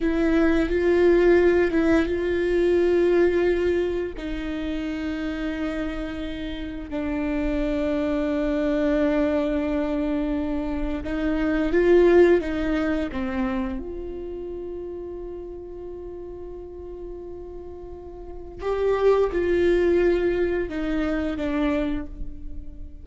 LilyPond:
\new Staff \with { instrumentName = "viola" } { \time 4/4 \tempo 4 = 87 e'4 f'4. e'8 f'4~ | f'2 dis'2~ | dis'2 d'2~ | d'1 |
dis'4 f'4 dis'4 c'4 | f'1~ | f'2. g'4 | f'2 dis'4 d'4 | }